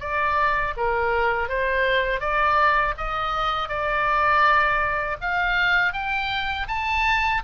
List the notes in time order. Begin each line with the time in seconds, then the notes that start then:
0.00 D5
0.77 A#4
1.48 C5
2.21 D5
2.98 D#5
3.69 D5
5.21 F5
5.93 G5
6.68 A5